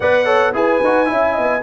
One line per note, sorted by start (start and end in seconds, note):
0.00 0.53 B3
0.00 0.25 B4
0.00 0.25 D5
0.00 0.55 F#5
0.25 0.53 A4
0.25 0.52 C#5
0.53 0.81 E4
0.53 0.81 G#4
0.53 1.09 B4
0.53 1.62 G#5
0.83 1.10 D#4
0.83 1.06 F#4
1.06 1.38 C#4
1.06 1.61 E4
1.06 1.33 E5
1.33 1.62 B3
1.33 1.61 D#5